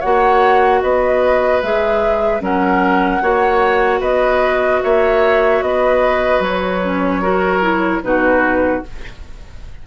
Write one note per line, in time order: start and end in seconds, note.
0.00 0.83 A#3
0.00 1.63 F#4
0.00 0.80 C#5
0.00 0.82 F#5
0.82 1.62 B3
0.82 2.43 B4
0.82 1.62 D#5
1.62 2.41 G#3
1.62 2.41 G#4
1.62 2.42 E5
2.41 3.21 F#3
2.41 3.21 C#4
2.41 3.23 A#4
2.41 4.02 F#5
3.22 4.01 A#3
3.22 6.82 F#4
3.22 4.00 C#5
4.00 4.81 B3
4.00 4.80 B4
4.00 4.82 D#5
4.83 5.62 A#3
4.83 5.64 C#5
4.83 5.62 E5
5.62 6.40 B3
5.62 7.22 B4
5.62 6.43 D#5
6.40 8.00 F#3
6.40 8.03 C#5
6.84 7.23 C#4
7.22 7.62 F#4
7.22 8.02 A#4
7.62 8.02 E4
8.03 8.83 B2
8.03 8.83 D#4
8.03 8.87 F#4
8.03 8.84 B4